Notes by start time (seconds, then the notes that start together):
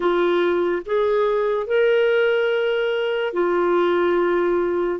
0.00 F4
0.85 G#4
1.67 A#4
3.33 F4